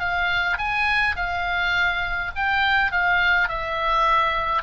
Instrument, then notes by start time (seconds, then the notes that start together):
oboe
0.00 F5
0.58 G#5
1.16 F5
2.36 G5
2.92 F5
3.49 E5